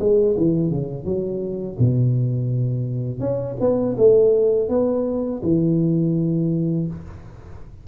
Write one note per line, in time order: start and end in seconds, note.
0.00 0.36 G#3
0.37 0.71 E3
0.71 1.05 C#3
1.05 1.77 F#3
1.79 3.20 B2
3.20 3.57 C#4
3.60 3.97 B3
3.98 4.69 A3
4.69 5.42 B3
5.43 6.88 E3